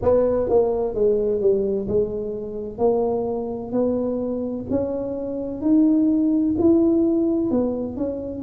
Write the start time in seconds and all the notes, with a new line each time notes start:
0.02 B3
0.49 A#3
0.94 G#3
1.41 G3
1.87 G#3
2.78 A#3
3.72 B3
4.70 C#4
5.61 D#4
6.58 E4
7.50 B3
7.96 C#4